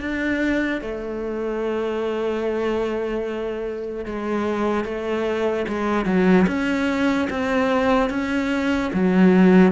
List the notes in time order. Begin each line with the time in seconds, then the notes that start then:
0.00 D4
0.81 A3
4.05 G#3
4.85 A3
5.68 G#3
6.05 F#3
6.47 C#4
7.29 C4
8.10 C#4
8.93 F#3